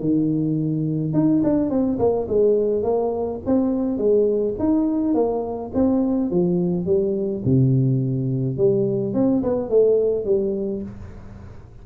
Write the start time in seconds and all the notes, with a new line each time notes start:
0.00 D#3
1.14 D#4
1.44 D4
1.70 C4
1.99 A#3
2.29 G#3
2.83 A#3
3.46 C4
3.98 G#3
4.59 D#4
5.15 A#3
5.74 C4
6.31 F3
6.86 G3
7.45 C3
8.57 G3
9.14 C4
9.43 B3
9.70 A3
10.25 G3